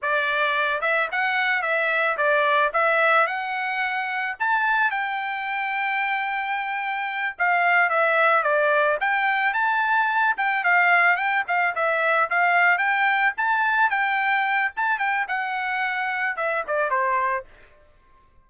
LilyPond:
\new Staff \with { instrumentName = "trumpet" } { \time 4/4 \tempo 4 = 110 d''4. e''8 fis''4 e''4 | d''4 e''4 fis''2 | a''4 g''2.~ | g''4. f''4 e''4 d''8~ |
d''8 g''4 a''4. g''8 f''8~ | f''8 g''8 f''8 e''4 f''4 g''8~ | g''8 a''4 g''4. a''8 g''8 | fis''2 e''8 d''8 c''4 | }